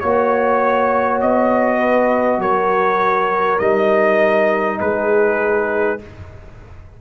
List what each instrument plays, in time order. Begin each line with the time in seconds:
0.00 tuba A#3, trombone F#4, trumpet C#5, horn C#5
1.22 tuba B3, trumpet D#5
1.79 horn B4
2.38 tuba F#3, horn A#4, trumpet C#5
3.59 tuba G3, trombone D#4, trumpet D#5
4.80 tuba G#3, horn G#4, trumpet B4